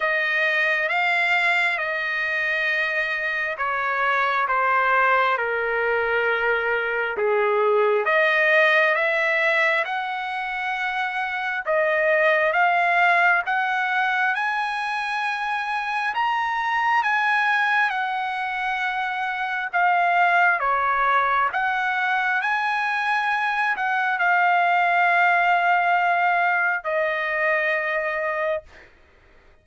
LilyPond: \new Staff \with { instrumentName = "trumpet" } { \time 4/4 \tempo 4 = 67 dis''4 f''4 dis''2 | cis''4 c''4 ais'2 | gis'4 dis''4 e''4 fis''4~ | fis''4 dis''4 f''4 fis''4 |
gis''2 ais''4 gis''4 | fis''2 f''4 cis''4 | fis''4 gis''4. fis''8 f''4~ | f''2 dis''2 | }